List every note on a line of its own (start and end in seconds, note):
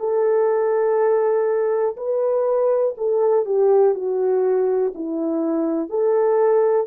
0.00 1.97 A4
1.97 2.95 B4
2.98 3.46 A4
3.46 3.95 G4
3.95 4.93 F#4
4.95 5.90 E4
5.90 6.88 A4